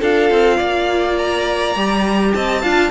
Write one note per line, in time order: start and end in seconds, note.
0.00 0.30 D4
0.00 1.75 F4
0.00 0.56 A4
0.00 1.18 F5
0.30 0.59 C4
0.56 1.75 A#3
0.56 2.31 D5
1.18 2.33 A#5
1.75 2.33 G3
1.75 2.63 G4
2.33 2.63 C4
2.33 2.61 D#5
2.33 2.90 A5
2.61 2.90 D4
2.61 2.90 F4
2.61 2.90 F5